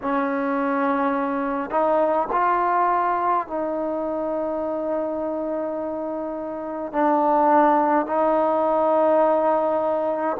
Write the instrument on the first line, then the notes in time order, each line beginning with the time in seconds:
trombone
0.02 C#4
1.70 D#4
2.32 F4
3.47 D#4
6.92 D4
8.06 D#4